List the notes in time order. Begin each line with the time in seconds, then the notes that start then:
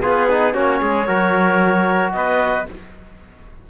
0.00 B3 F4 G#4 B4
0.30 D#4
0.53 A#3 C#4 F#4 C#5
0.81 G#3 G#4
1.07 F#3 F#4 A#4
2.13 B3 B4 D#5